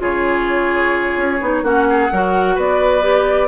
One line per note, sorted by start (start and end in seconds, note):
0.00 1.17 C#3
0.00 1.40 F4
0.00 1.64 G#4
0.00 1.65 C#5
1.17 1.40 C#4
1.41 1.63 B3
1.41 1.64 D#4
1.63 2.09 A#3
1.63 2.11 C#4
1.63 1.87 F#4
1.63 2.58 F#5
1.90 2.12 G#4
2.12 2.58 F#3
2.12 3.02 F#4
2.12 2.56 A#4
2.56 3.48 B3
2.56 3.48 B4
2.56 3.48 D5
3.02 3.48 G4